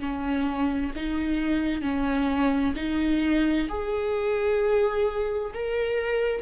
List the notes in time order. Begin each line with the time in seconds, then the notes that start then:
0.00 C#4
0.96 D#4
1.82 C#4
2.76 D#4
3.69 G#4
5.54 A#4